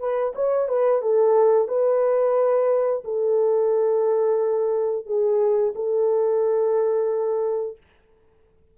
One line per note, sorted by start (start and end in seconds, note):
0.00 0.34 B4
0.36 0.69 C#5
0.69 1.02 B4
1.02 1.69 A4
1.69 3.03 B4
3.05 5.07 A4
5.07 5.74 G#4
5.76 7.78 A4